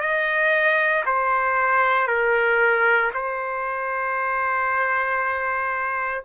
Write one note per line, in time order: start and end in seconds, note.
0.00 1.03 D#5
1.05 2.07 C5
2.07 3.10 A#4
3.14 6.24 C5